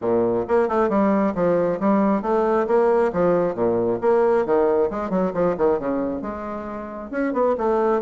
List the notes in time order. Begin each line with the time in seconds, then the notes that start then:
0.01 A#2
0.47 A#3
0.68 A3
0.89 G3
1.34 F3
1.80 G3
2.22 A3
2.67 A#3
3.12 F3
3.54 A#2
4.01 A#3
4.45 D#3
4.90 G#3
5.10 F#3
5.33 F3
5.57 D#3
5.79 C#3
6.21 G#3
7.11 C#4
7.33 B3
7.57 A3